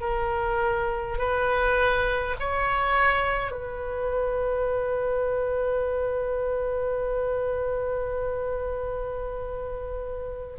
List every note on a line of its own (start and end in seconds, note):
0.00 1.18 A#4
1.18 2.35 B4
2.39 3.51 C#5
3.51 10.57 B4